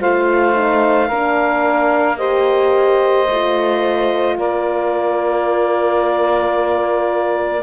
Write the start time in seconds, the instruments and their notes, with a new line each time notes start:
0.00 cello A3, horn F4, saxophone C5, clarinet F5
0.54 horn D#4
1.07 cello A#3, horn D4, saxophone A#4
2.17 horn G4, saxophone C5, clarinet D#5
3.28 cello A3, horn F4
4.37 cello A#3, saxophone A#4, clarinet D5